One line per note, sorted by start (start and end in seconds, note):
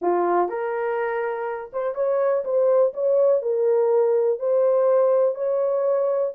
0.01 0.49 F4
0.49 1.71 A#4
1.72 1.94 C5
1.94 2.43 C#5
2.44 2.93 C5
2.93 3.42 C#5
3.42 4.39 A#4
4.39 5.34 C5
5.34 6.32 C#5